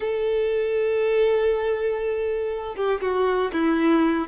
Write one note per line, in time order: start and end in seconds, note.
0.00 2.75 A4
2.75 3.00 G4
3.01 3.51 F#4
3.52 4.27 E4